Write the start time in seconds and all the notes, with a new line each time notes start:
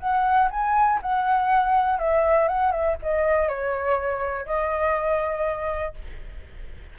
0.00 F#5
0.51 G#5
1.02 F#5
1.99 E5
2.48 F#5
2.72 E5
3.03 D#5
3.49 C#5
4.46 D#5